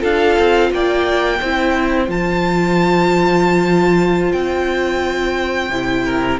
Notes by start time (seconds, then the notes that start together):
0.00 D4 F4 A4 F5
0.39 C4
0.71 A#3 D5 G5
1.40 C4 E4 C5
2.08 F3 F4 A5
4.32 C4 G5
5.70 C3 E4
6.05 A#4